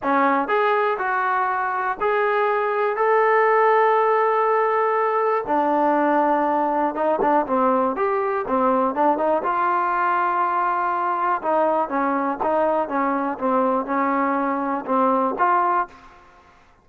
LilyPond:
\new Staff \with { instrumentName = "trombone" } { \time 4/4 \tempo 4 = 121 cis'4 gis'4 fis'2 | gis'2 a'2~ | a'2. d'4~ | d'2 dis'8 d'8 c'4 |
g'4 c'4 d'8 dis'8 f'4~ | f'2. dis'4 | cis'4 dis'4 cis'4 c'4 | cis'2 c'4 f'4 | }